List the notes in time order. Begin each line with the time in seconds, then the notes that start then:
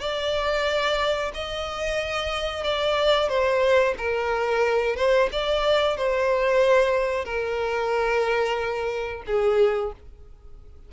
0.00 D5
1.34 D#5
2.64 D5
3.28 C5
3.97 A#4
4.96 C5
5.32 D5
5.96 C5
7.25 A#4
9.26 G#4